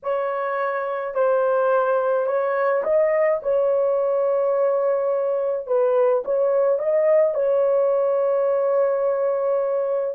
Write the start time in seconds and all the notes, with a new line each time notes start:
0.03 C#5
1.14 C5
2.26 C#5
2.83 D#5
3.42 C#5
5.66 B4
6.24 C#5
6.79 D#5
7.34 C#5